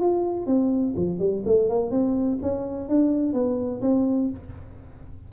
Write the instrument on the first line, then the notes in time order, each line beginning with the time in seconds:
tuba
0.00 F4
0.46 C4
0.96 F3
1.19 G3
1.46 A3
1.69 A#3
1.91 C4
2.42 C#4
2.89 D4
3.33 B3
3.82 C4